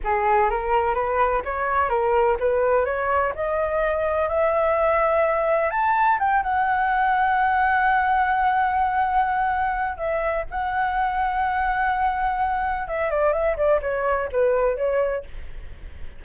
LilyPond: \new Staff \with { instrumentName = "flute" } { \time 4/4 \tempo 4 = 126 gis'4 ais'4 b'4 cis''4 | ais'4 b'4 cis''4 dis''4~ | dis''4 e''2. | a''4 g''8 fis''2~ fis''8~ |
fis''1~ | fis''4 e''4 fis''2~ | fis''2. e''8 d''8 | e''8 d''8 cis''4 b'4 cis''4 | }